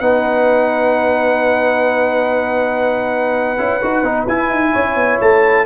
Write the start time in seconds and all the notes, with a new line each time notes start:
0.00 B3 D#4 B4 F#5
3.58 C#4 E4
3.82 D#4 F#4
4.03 B3 D#4
4.28 E4 G#5
4.50 D#4
4.72 C#4 C#5
4.96 B3
5.21 A3 A5